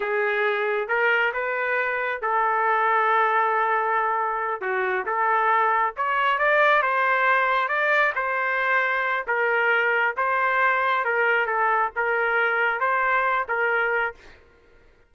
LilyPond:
\new Staff \with { instrumentName = "trumpet" } { \time 4/4 \tempo 4 = 136 gis'2 ais'4 b'4~ | b'4 a'2.~ | a'2~ a'8 fis'4 a'8~ | a'4. cis''4 d''4 c''8~ |
c''4. d''4 c''4.~ | c''4 ais'2 c''4~ | c''4 ais'4 a'4 ais'4~ | ais'4 c''4. ais'4. | }